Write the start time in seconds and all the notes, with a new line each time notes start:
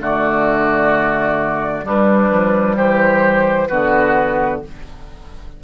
0.00 D3 A3 F#4 D5
1.83 G3 D4 B4
2.32 F3
2.77 E3 G4 C5
3.68 D3 B3 F#4 B4